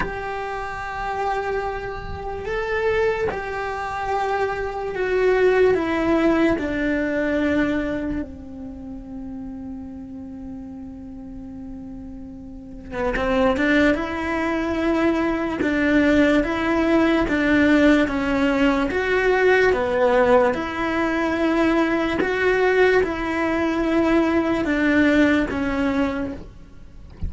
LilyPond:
\new Staff \with { instrumentName = "cello" } { \time 4/4 \tempo 4 = 73 g'2. a'4 | g'2 fis'4 e'4 | d'2 c'2~ | c'2.~ c'8. b16 |
c'8 d'8 e'2 d'4 | e'4 d'4 cis'4 fis'4 | b4 e'2 fis'4 | e'2 d'4 cis'4 | }